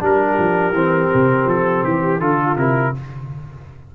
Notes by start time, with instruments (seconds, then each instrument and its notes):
0.00 tuba G3, trombone D4, horn G4, trumpet A#4
0.38 tuba F3
0.71 tuba E3, trombone C4
1.14 tuba C3
1.45 tuba F3, trumpet A4
1.83 tuba E3, trumpet G4
2.20 tuba D3, trombone F4, horn F4, trumpet A4
2.56 tuba C3, trombone E4, trumpet A#4